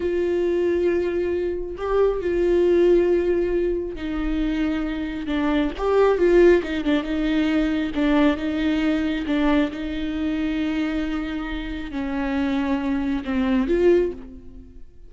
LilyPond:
\new Staff \with { instrumentName = "viola" } { \time 4/4 \tempo 4 = 136 f'1 | g'4 f'2.~ | f'4 dis'2. | d'4 g'4 f'4 dis'8 d'8 |
dis'2 d'4 dis'4~ | dis'4 d'4 dis'2~ | dis'2. cis'4~ | cis'2 c'4 f'4 | }